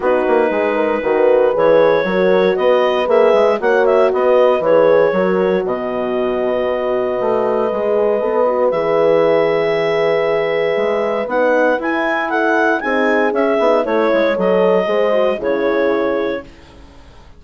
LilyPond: <<
  \new Staff \with { instrumentName = "clarinet" } { \time 4/4 \tempo 4 = 117 b'2. cis''4~ | cis''4 dis''4 e''4 fis''8 e''8 | dis''4 cis''2 dis''4~ | dis''1~ |
dis''4 e''2.~ | e''2 fis''4 gis''4 | fis''4 gis''4 e''4 cis''4 | dis''2 cis''2 | }
  \new Staff \with { instrumentName = "horn" } { \time 4/4 fis'4 gis'8 ais'8 b'2 | ais'4 b'2 cis''4 | b'2 ais'4 b'4~ | b'1~ |
b'1~ | b'1 | a'4 gis'2 cis''4~ | cis''4 c''4 gis'2 | }
  \new Staff \with { instrumentName = "horn" } { \time 4/4 dis'2 fis'4 gis'4 | fis'2 gis'4 fis'4~ | fis'4 gis'4 fis'2~ | fis'2. gis'4 |
a'8 fis'8 gis'2.~ | gis'2 dis'4 e'4~ | e'4 dis'4 cis'8 dis'8 e'4 | a'4 gis'8 fis'8 e'2 | }
  \new Staff \with { instrumentName = "bassoon" } { \time 4/4 b8 ais8 gis4 dis4 e4 | fis4 b4 ais8 gis8 ais4 | b4 e4 fis4 b,4~ | b,2 a4 gis4 |
b4 e2.~ | e4 gis4 b4 e'4~ | e'4 c'4 cis'8 b8 a8 gis8 | fis4 gis4 cis2 | }
>>